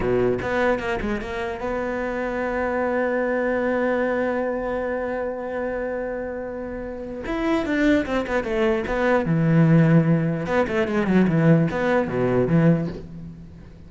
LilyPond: \new Staff \with { instrumentName = "cello" } { \time 4/4 \tempo 4 = 149 b,4 b4 ais8 gis8 ais4 | b1~ | b1~ | b1~ |
b2 e'4 d'4 | c'8 b8 a4 b4 e4~ | e2 b8 a8 gis8 fis8 | e4 b4 b,4 e4 | }